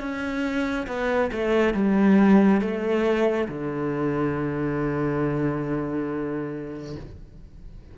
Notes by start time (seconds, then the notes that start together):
0.00 C#4
0.87 B3
1.32 A3
1.74 G3
2.61 A3
3.48 D3